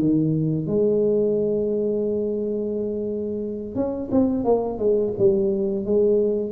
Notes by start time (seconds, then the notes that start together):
0.00 D#3
0.67 G#3
3.76 C#4
4.11 C4
4.45 A#3
4.79 G#3
5.19 G3
5.86 G#3